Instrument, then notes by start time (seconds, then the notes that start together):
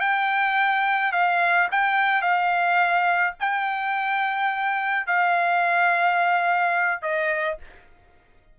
trumpet
0.00 G5
1.12 F5
1.71 G5
2.21 F5
3.40 G5
5.06 F5
7.01 D#5